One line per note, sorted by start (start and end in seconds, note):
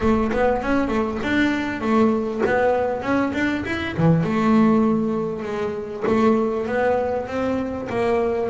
0.01 0.31 A3
0.32 0.62 B3
0.62 0.88 C#4
0.88 1.18 A3
1.23 1.81 D4
1.81 2.41 A3
2.46 3.01 B3
3.01 3.32 C#4
3.33 3.64 D4
3.65 3.96 E4
3.97 4.23 E3
4.23 5.42 A3
5.42 6.03 G#3
6.07 6.66 A3
6.66 7.27 B3
7.27 7.88 C4
7.89 8.49 A#3